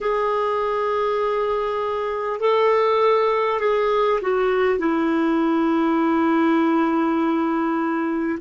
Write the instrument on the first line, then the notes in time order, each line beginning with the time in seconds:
clarinet
0.01 G#4
2.39 A4
3.60 G#4
4.21 F#4
4.78 E4